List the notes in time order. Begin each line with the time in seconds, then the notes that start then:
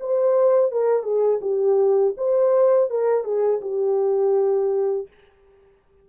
0.00 C5
0.72 A#4
1.03 G#4
1.41 G4
2.17 C5
2.90 A#4
3.24 G#4
3.61 G4